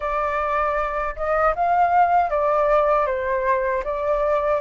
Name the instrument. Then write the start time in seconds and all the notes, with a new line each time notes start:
flute
0.00 D5
1.15 D#5
1.55 F5
2.30 D5
3.06 C5
3.84 D5